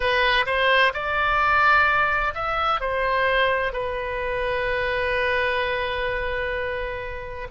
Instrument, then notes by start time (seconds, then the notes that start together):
oboe
0.00 B4
0.46 C5
0.93 D5
2.34 E5
2.80 C5
3.72 B4